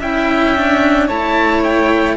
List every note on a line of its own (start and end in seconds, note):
0.00 1.09 C#4
0.00 0.56 E4
0.00 1.07 E5
0.00 1.09 G5
0.56 1.10 D4
1.07 2.17 A3
1.07 2.17 E4
1.07 2.16 C#5
1.07 1.63 A5
1.64 2.17 G5